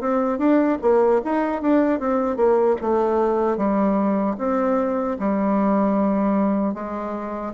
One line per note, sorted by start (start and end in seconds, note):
0.00 0.38 C4
0.38 0.78 D4
0.81 1.21 A#3
1.24 1.61 D#4
1.61 2.00 D4
2.00 2.36 C4
2.36 2.76 A#3
2.81 3.57 A3
3.57 4.36 G3
4.38 5.17 C4
5.19 6.74 G3
6.74 7.53 G#3